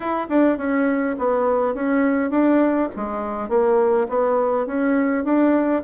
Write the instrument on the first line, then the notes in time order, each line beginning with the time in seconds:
bassoon
0.00 E4
0.29 D4
0.57 C#4
1.18 B3
1.74 C#4
2.30 D4
2.95 G#3
3.48 A#3
4.08 B3
4.66 C#4
5.24 D4